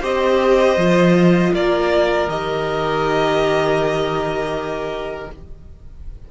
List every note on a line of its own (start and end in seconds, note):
0.00 0.76 C4
0.00 0.76 G4
0.00 1.50 C5
0.00 1.53 D#5
0.76 1.51 F3
0.76 2.28 F4
1.53 2.26 A#3
1.53 5.31 A#4
1.53 2.29 D5
2.26 5.26 D#3
2.26 5.29 G4
2.26 5.29 D#5